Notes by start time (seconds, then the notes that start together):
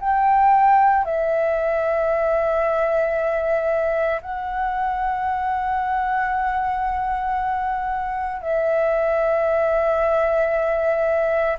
0.00 G5
1.05 E5
4.22 F#5
8.42 E5